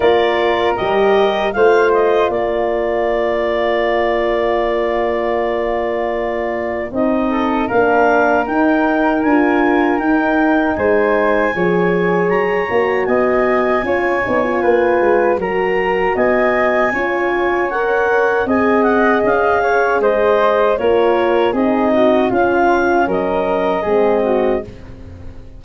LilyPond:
<<
  \new Staff \with { instrumentName = "clarinet" } { \time 4/4 \tempo 4 = 78 d''4 dis''4 f''8 dis''8 d''4~ | d''1~ | d''4 dis''4 f''4 g''4 | gis''4 g''4 gis''2 |
ais''4 gis''2. | ais''4 gis''2 fis''4 | gis''8 fis''8 f''4 dis''4 cis''4 | dis''4 f''4 dis''2 | }
  \new Staff \with { instrumentName = "flute" } { \time 4/4 ais'2 c''4 ais'4~ | ais'1~ | ais'4. a'8 ais'2~ | ais'2 c''4 cis''4~ |
cis''4 dis''4 cis''4 b'4 | ais'4 dis''4 cis''2 | dis''4. cis''8 c''4 ais'4 | gis'8 fis'8 f'4 ais'4 gis'8 fis'8 | }
  \new Staff \with { instrumentName = "horn" } { \time 4/4 f'4 g'4 f'2~ | f'1~ | f'4 dis'4 d'4 dis'4 | f'4 dis'2 gis'4~ |
gis'8 fis'4. f'8 dis'16 f'4~ f'16 | fis'2 f'4 ais'4 | gis'2. f'4 | dis'4 cis'2 c'4 | }
  \new Staff \with { instrumentName = "tuba" } { \time 4/4 ais4 g4 a4 ais4~ | ais1~ | ais4 c'4 ais4 dis'4 | d'4 dis'4 gis4 f4 |
fis8 ais8 b4 cis'8 b8 ais8 gis8 | fis4 b4 cis'2 | c'4 cis'4 gis4 ais4 | c'4 cis'4 fis4 gis4 | }
>>